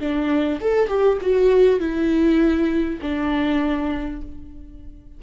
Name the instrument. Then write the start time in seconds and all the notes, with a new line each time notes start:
viola
0.00 D4
0.61 A4
0.89 G4
1.22 F#4
1.80 E4
3.02 D4